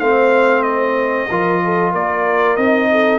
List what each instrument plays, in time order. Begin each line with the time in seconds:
0.00 tuba A3, trombone C4, horn C5, trumpet F5
0.63 trumpet D#5
1.30 tuba F3, trombone F4, horn A#4
1.65 horn A4
1.92 tuba A#3, horn A#4, trumpet D5
2.57 tuba C4, trombone D#4, trumpet D#5
2.92 horn A4